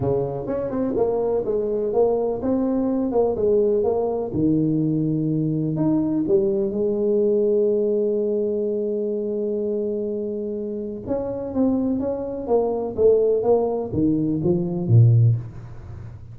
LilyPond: \new Staff \with { instrumentName = "tuba" } { \time 4/4 \tempo 4 = 125 cis4 cis'8 c'8 ais4 gis4 | ais4 c'4. ais8 gis4 | ais4 dis2. | dis'4 g4 gis2~ |
gis1~ | gis2. cis'4 | c'4 cis'4 ais4 a4 | ais4 dis4 f4 ais,4 | }